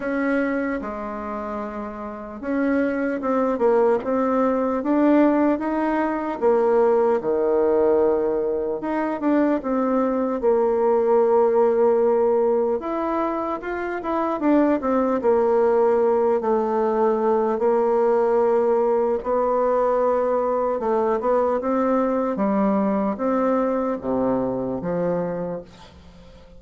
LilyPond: \new Staff \with { instrumentName = "bassoon" } { \time 4/4 \tempo 4 = 75 cis'4 gis2 cis'4 | c'8 ais8 c'4 d'4 dis'4 | ais4 dis2 dis'8 d'8 | c'4 ais2. |
e'4 f'8 e'8 d'8 c'8 ais4~ | ais8 a4. ais2 | b2 a8 b8 c'4 | g4 c'4 c4 f4 | }